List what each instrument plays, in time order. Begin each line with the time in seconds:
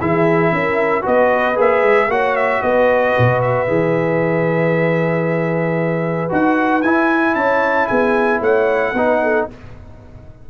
0.00 tuba E3, trombone E4, horn G#4, trumpet E5
0.52 tuba C#4, horn A#4
1.02 tuba B3, trombone F#4, horn B4, trumpet D#5
1.55 tuba A#3, trombone G#4, trumpet E5
1.82 tuba G#3
2.08 tuba A#3, trombone F#4, horn C#5, trumpet F#5
2.36 trumpet E5
2.62 tuba B3, horn B4, trumpet D#5
3.18 tuba B2
3.42 trumpet E5
3.68 tuba E3, trombone G#4
6.29 tuba D#4, trombone F#4, trumpet F#5
6.82 tuba E4, trombone E4, trumpet G#5
7.35 tuba C#4, horn C#5, trumpet A5
7.87 tuba B3, horn G#4, trumpet G#5
8.40 tuba A3, horn C#5, trumpet F#5
8.93 tuba B3, trombone D#4, horn B4
9.23 horn A4